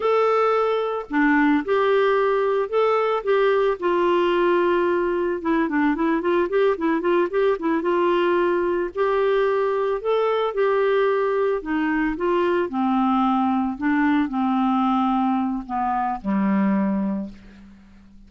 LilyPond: \new Staff \with { instrumentName = "clarinet" } { \time 4/4 \tempo 4 = 111 a'2 d'4 g'4~ | g'4 a'4 g'4 f'4~ | f'2 e'8 d'8 e'8 f'8 | g'8 e'8 f'8 g'8 e'8 f'4.~ |
f'8 g'2 a'4 g'8~ | g'4. dis'4 f'4 c'8~ | c'4. d'4 c'4.~ | c'4 b4 g2 | }